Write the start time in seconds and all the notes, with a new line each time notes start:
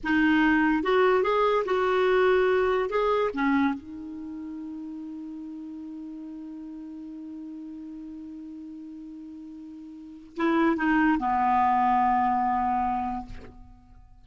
0.03 D#4
0.83 F#4
1.23 G#4
1.65 F#4
2.89 G#4
3.34 C#4
3.74 D#4
10.36 E4
10.76 D#4
11.18 B3